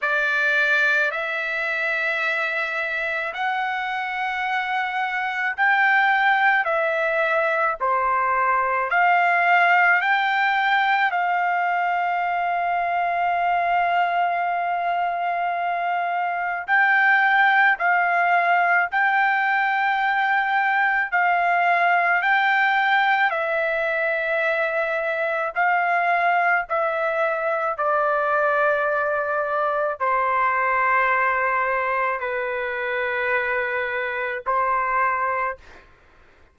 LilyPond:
\new Staff \with { instrumentName = "trumpet" } { \time 4/4 \tempo 4 = 54 d''4 e''2 fis''4~ | fis''4 g''4 e''4 c''4 | f''4 g''4 f''2~ | f''2. g''4 |
f''4 g''2 f''4 | g''4 e''2 f''4 | e''4 d''2 c''4~ | c''4 b'2 c''4 | }